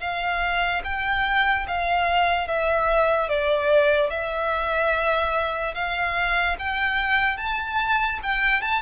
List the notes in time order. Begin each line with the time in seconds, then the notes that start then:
0.00 F5
0.84 G5
1.68 F5
2.48 E5
3.29 D5
4.10 E5
5.75 F5
6.59 G5
7.37 A5
8.23 G5
8.62 A5